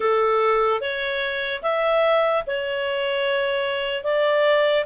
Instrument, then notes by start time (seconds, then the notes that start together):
clarinet
0.00 A4
0.80 C#5
1.62 E5
2.46 C#5
4.03 D5